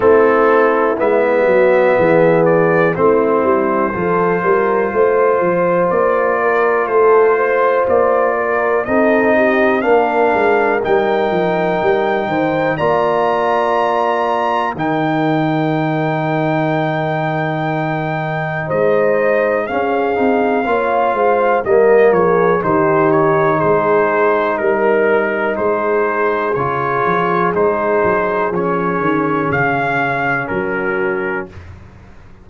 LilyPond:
<<
  \new Staff \with { instrumentName = "trumpet" } { \time 4/4 \tempo 4 = 61 a'4 e''4. d''8 c''4~ | c''2 d''4 c''4 | d''4 dis''4 f''4 g''4~ | g''4 ais''2 g''4~ |
g''2. dis''4 | f''2 dis''8 cis''8 c''8 cis''8 | c''4 ais'4 c''4 cis''4 | c''4 cis''4 f''4 ais'4 | }
  \new Staff \with { instrumentName = "horn" } { \time 4/4 e'4. fis'8 gis'4 e'4 | a'8 ais'8 c''4. ais'8 a'8 c''8~ | c''8 ais'8 a'8 g'8 ais'2~ | ais'8 c''8 d''2 ais'4~ |
ais'2. c''4 | gis'4 cis''8 c''8 ais'8 gis'8 g'4 | gis'4 ais'4 gis'2~ | gis'2. fis'4 | }
  \new Staff \with { instrumentName = "trombone" } { \time 4/4 c'4 b2 c'4 | f'1~ | f'4 dis'4 d'4 dis'4~ | dis'4 f'2 dis'4~ |
dis'1 | cis'8 dis'8 f'4 ais4 dis'4~ | dis'2. f'4 | dis'4 cis'2. | }
  \new Staff \with { instrumentName = "tuba" } { \time 4/4 a4 gis8 fis8 e4 a8 g8 | f8 g8 a8 f8 ais4 a4 | ais4 c'4 ais8 gis8 g8 f8 | g8 dis8 ais2 dis4~ |
dis2. gis4 | cis'8 c'8 ais8 gis8 g8 f8 dis4 | gis4 g4 gis4 cis8 f8 | gis8 fis8 f8 dis8 cis4 fis4 | }
>>